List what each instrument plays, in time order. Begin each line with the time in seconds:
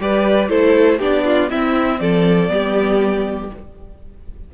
0.00 cello G3, viola G4, violin B4 D5
0.49 cello A3, viola E4, violin A4 C5
0.99 cello B3, viola D4, violin G4 D5
1.24 violin F4
1.49 viola C4, cello C4, violin E4 E5
2.00 cello F3, violin A4 D5
2.48 cello G3, viola B3, violin G4